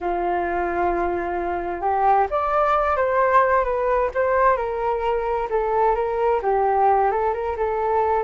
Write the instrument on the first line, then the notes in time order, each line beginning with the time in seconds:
flute
0.00 F4
1.81 G4
2.30 D5
2.96 C5
3.64 B4
4.14 C5
4.57 A#4
5.50 A4
5.95 A#4
6.42 G4
7.11 A4
7.33 A#4
7.56 A4